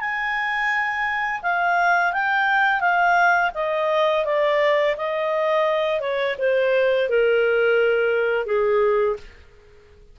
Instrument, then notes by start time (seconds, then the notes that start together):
clarinet
0.00 G#5
1.42 F5
2.13 G5
2.80 F5
3.55 D#5
4.25 D5
4.97 D#5
6.01 C#5
6.39 C5
7.09 A#4
8.46 G#4